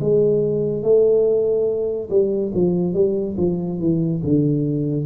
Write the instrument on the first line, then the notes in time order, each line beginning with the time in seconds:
tuba
0.00 G#3
0.83 A3
2.10 G3
2.54 F3
2.94 G3
3.38 F3
3.80 E3
4.23 D3